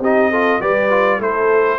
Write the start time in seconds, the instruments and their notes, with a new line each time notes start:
0.00 tuba C4, trombone D#4, horn G4, trumpet D#5
0.30 trombone F4, horn A4
0.61 tuba G3, trombone G4, horn B4, trumpet D5
0.90 trombone F4
1.19 tuba A3, trombone E4, horn A4, trumpet C5